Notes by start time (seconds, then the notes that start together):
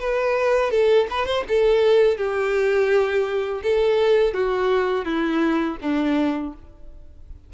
0.00 B4
0.71 A4
1.10 B4
1.26 C5
1.48 A4
2.17 G4
3.63 A4
4.34 F#4
5.05 E4
5.81 D4